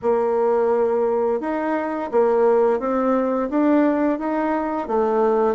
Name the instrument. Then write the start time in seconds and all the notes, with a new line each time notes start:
bassoon
0.02 A#3
1.40 D#4
2.11 A#3
2.79 C4
3.50 D4
4.19 D#4
4.87 A3